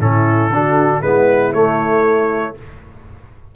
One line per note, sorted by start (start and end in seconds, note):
0.00 0.49 A2
0.00 0.51 C#4
0.00 0.53 E4
0.00 1.02 A4
0.49 1.00 D3
0.49 1.03 D4
0.49 1.02 F#4
1.02 1.53 G#3
1.02 1.53 B3
1.02 2.54 E4
1.02 1.53 B4
1.53 2.55 A3
1.53 2.56 A3
1.53 2.55 C#5